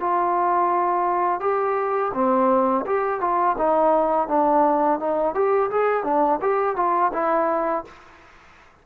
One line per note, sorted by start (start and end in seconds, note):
0.00 1.40 F4
1.40 2.12 G4
2.14 2.85 C4
2.86 3.21 G4
3.21 3.56 F4
3.58 4.28 D#4
4.28 4.99 D4
4.99 5.34 D#4
5.34 5.70 G4
5.70 6.04 G#4
6.04 6.40 D4
6.41 6.76 G4
6.76 7.12 F4
7.13 7.84 E4